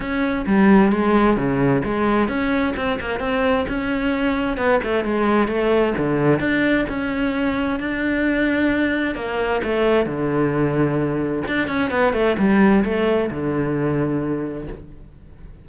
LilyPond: \new Staff \with { instrumentName = "cello" } { \time 4/4 \tempo 4 = 131 cis'4 g4 gis4 cis4 | gis4 cis'4 c'8 ais8 c'4 | cis'2 b8 a8 gis4 | a4 d4 d'4 cis'4~ |
cis'4 d'2. | ais4 a4 d2~ | d4 d'8 cis'8 b8 a8 g4 | a4 d2. | }